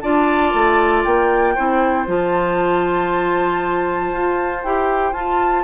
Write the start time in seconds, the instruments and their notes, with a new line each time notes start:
0.00 bassoon D4, clarinet F4, oboe D5, flute A5
0.53 bassoon A3
1.04 bassoon A#3, flute G5
1.55 bassoon C4, clarinet E4, oboe C5
2.07 bassoon F3, clarinet F4, flute A5
4.12 bassoon F4
4.63 bassoon E4, clarinet G4, flute G5
5.12 bassoon F4, clarinet F4, flute A5